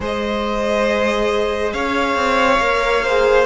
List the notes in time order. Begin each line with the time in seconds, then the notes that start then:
0.00 G#3 G#4 C5 D#5
1.72 C#4 C#5 F5
2.15 C4
2.59 A#3 A#4
3.04 G#4 C5